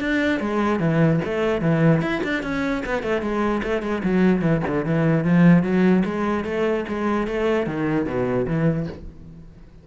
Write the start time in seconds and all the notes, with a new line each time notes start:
0.00 D4
0.40 G#3
0.80 E3
1.24 A3
1.61 E3
2.02 E4
2.24 D4
2.43 C#4
2.86 B3
3.03 A3
3.21 G#3
3.63 A3
3.82 G#3
4.04 F#3
4.42 E3
4.67 D3
4.85 E3
5.24 F3
5.63 F#3
6.05 G#3
6.44 A3
6.89 G#3
7.27 A3
7.66 D#3
8.06 B2
8.47 E3